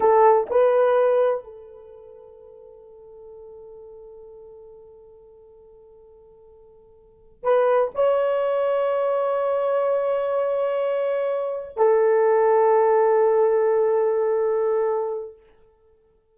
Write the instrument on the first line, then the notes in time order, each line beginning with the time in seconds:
horn
0.00 A4
0.50 B4
1.44 A4
7.43 B4
7.95 C#5
11.76 A4